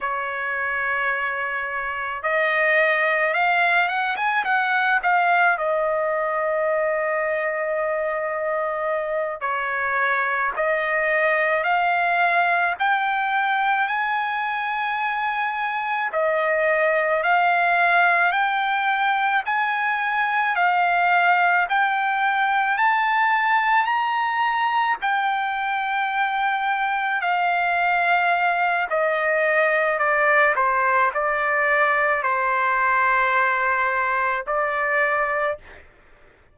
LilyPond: \new Staff \with { instrumentName = "trumpet" } { \time 4/4 \tempo 4 = 54 cis''2 dis''4 f''8 fis''16 gis''16 | fis''8 f''8 dis''2.~ | dis''8 cis''4 dis''4 f''4 g''8~ | g''8 gis''2 dis''4 f''8~ |
f''8 g''4 gis''4 f''4 g''8~ | g''8 a''4 ais''4 g''4.~ | g''8 f''4. dis''4 d''8 c''8 | d''4 c''2 d''4 | }